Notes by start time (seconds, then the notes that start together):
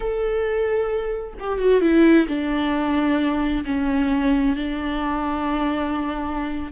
0.00 A4
1.39 G4
1.58 F#4
1.81 E4
2.27 D4
3.65 C#4
4.56 D4